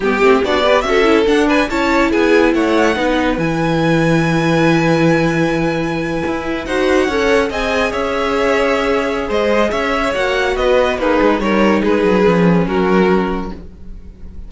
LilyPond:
<<
  \new Staff \with { instrumentName = "violin" } { \time 4/4 \tempo 4 = 142 g'4 d''4 e''4 fis''8 gis''8 | a''4 gis''4 fis''2 | gis''1~ | gis''2.~ gis''8. fis''16~ |
fis''4.~ fis''16 gis''4 e''4~ e''16~ | e''2 dis''4 e''4 | fis''4 dis''4 b'4 cis''4 | b'2 ais'2 | }
  \new Staff \with { instrumentName = "violin" } { \time 4/4 g'4 fis'8 b'8 a'4. b'8 | cis''4 gis'4 cis''4 b'4~ | b'1~ | b'2.~ b'8. c''16~ |
c''8. cis''4 dis''4 cis''4~ cis''16~ | cis''2 c''4 cis''4~ | cis''4 b'4 dis'4 ais'4 | gis'2 fis'2 | }
  \new Staff \with { instrumentName = "viola" } { \time 4/4 b8 c'8 d'8 g'8 fis'8 e'8 d'4 | e'2. dis'4 | e'1~ | e'2.~ e'8. fis'16~ |
fis'8. a'4 gis'2~ gis'16~ | gis'1 | fis'2 gis'4 dis'4~ | dis'4 cis'2. | }
  \new Staff \with { instrumentName = "cello" } { \time 4/4 g8 a8 b4 cis'4 d'4 | cis'4 b4 a4 b4 | e1~ | e2~ e8. e'4 dis'16~ |
dis'8. cis'4 c'4 cis'4~ cis'16~ | cis'2 gis4 cis'4 | ais4 b4 ais8 gis8 g4 | gis8 fis8 f4 fis2 | }
>>